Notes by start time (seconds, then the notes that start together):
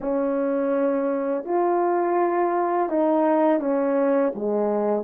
0.00 C#4
1.45 F4
2.89 D#4
3.60 C#4
4.35 G#3